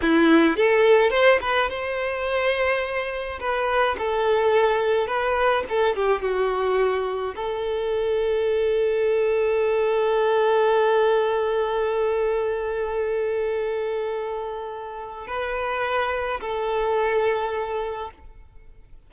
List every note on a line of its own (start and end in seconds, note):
0.01 0.56 E4
0.56 1.10 A4
1.10 1.38 C5
1.41 1.69 B4
1.69 3.39 C5
3.40 3.96 B4
3.98 5.07 A4
5.07 5.63 B4
5.69 5.95 A4
5.95 6.21 G4
6.21 7.35 F#4
7.35 15.27 A4
15.27 16.40 B4
16.40 18.10 A4